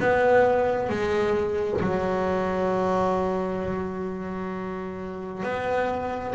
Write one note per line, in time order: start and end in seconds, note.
0.00 0.89 B3
0.89 1.80 G#3
1.81 5.43 F#3
5.43 6.34 B3